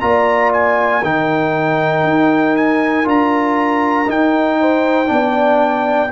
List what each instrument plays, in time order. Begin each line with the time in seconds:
0.00 tuba A#3, trombone F4, horn D5, trumpet A#5
0.53 trumpet G#5
1.03 tuba D#3, trombone D#4, horn A#4, trumpet G5
2.03 tuba D#4
2.56 trumpet G#5
3.04 tuba D4, trombone F4, trumpet A#5
4.07 trombone D#4, tuba D#4, trumpet G5
4.59 horn C5
5.06 tuba B3, trombone D4
5.13 horn D5